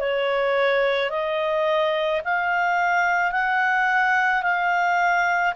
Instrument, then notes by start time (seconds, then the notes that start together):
clarinet
0.00 C#5
1.10 D#5
2.24 F5
3.31 F#5
4.42 F5